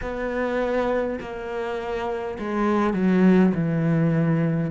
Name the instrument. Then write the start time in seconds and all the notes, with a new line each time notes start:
cello
0.01 B3
1.20 A#3
2.39 G#3
2.94 F#3
3.54 E3